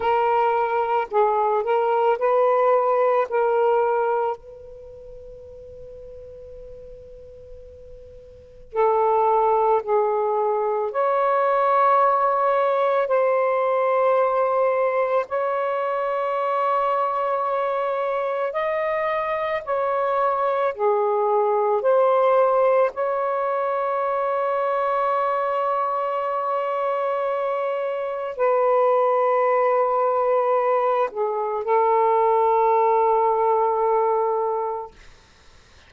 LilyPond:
\new Staff \with { instrumentName = "saxophone" } { \time 4/4 \tempo 4 = 55 ais'4 gis'8 ais'8 b'4 ais'4 | b'1 | a'4 gis'4 cis''2 | c''2 cis''2~ |
cis''4 dis''4 cis''4 gis'4 | c''4 cis''2.~ | cis''2 b'2~ | b'8 gis'8 a'2. | }